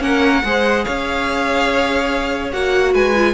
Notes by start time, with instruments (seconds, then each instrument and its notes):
0.00 cello A#3, viola C#4, violin A#4 F#5
0.44 cello G#3, viola G#4, violin C5
0.85 cello C#4, violin C#5 F5
2.53 cello A#3, viola F#4, violin F#5
2.93 cello G#3, violin B4 G#5
3.16 viola F4